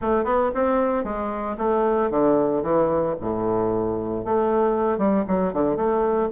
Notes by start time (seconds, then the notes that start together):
0.01 A3
0.24 B3
0.54 C4
1.04 G#3
1.57 A3
2.10 D3
2.62 E3
3.20 A2
4.24 A3
4.98 G3
5.27 F#3
5.53 D3
5.76 A3